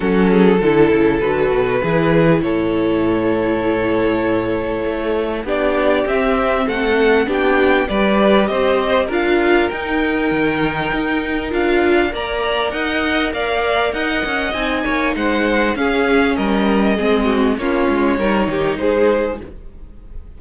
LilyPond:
<<
  \new Staff \with { instrumentName = "violin" } { \time 4/4 \tempo 4 = 99 a'2 b'2 | cis''1~ | cis''4 d''4 e''4 fis''4 | g''4 d''4 dis''4 f''4 |
g''2. f''4 | ais''4 fis''4 f''4 fis''4 | gis''4 fis''4 f''4 dis''4~ | dis''4 cis''2 c''4 | }
  \new Staff \with { instrumentName = "violin" } { \time 4/4 fis'8 gis'8 a'2 gis'4 | a'1~ | a'4 g'2 a'4 | g'4 b'4 c''4 ais'4~ |
ais'1 | d''4 dis''4 d''4 dis''4~ | dis''8 cis''8 c''4 gis'4 ais'4 | gis'8 fis'8 f'4 ais'8 g'8 gis'4 | }
  \new Staff \with { instrumentName = "viola" } { \time 4/4 cis'4 e'4 fis'4 e'4~ | e'1~ | e'4 d'4 c'2 | d'4 g'2 f'4 |
dis'2. f'4 | ais'1 | dis'2 cis'2 | c'4 cis'4 dis'2 | }
  \new Staff \with { instrumentName = "cello" } { \time 4/4 fis4 d8 cis8 d8 b,8 e4 | a,1 | a4 b4 c'4 a4 | b4 g4 c'4 d'4 |
dis'4 dis4 dis'4 d'4 | ais4 dis'4 ais4 dis'8 cis'8 | c'8 ais8 gis4 cis'4 g4 | gis4 ais8 gis8 g8 dis8 gis4 | }
>>